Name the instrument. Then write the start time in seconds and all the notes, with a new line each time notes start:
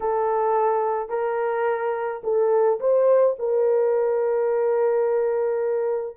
horn
0.00 A4
1.09 A#4
2.23 A4
2.79 C5
3.38 A#4